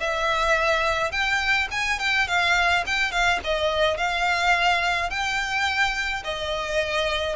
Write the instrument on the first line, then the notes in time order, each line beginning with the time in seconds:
violin
0.00 E5
1.11 G5
1.71 G#5
1.99 G5
2.28 F5
2.86 G5
3.11 F5
3.44 D#5
3.97 F5
5.10 G5
6.24 D#5